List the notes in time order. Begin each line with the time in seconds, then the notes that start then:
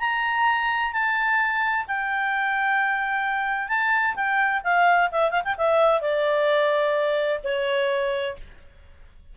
0.00 A#5
0.93 A5
1.88 G5
3.69 A5
4.16 G5
4.64 F5
5.12 E5
5.31 F5
5.44 G5
5.58 E5
6.01 D5
7.44 C#5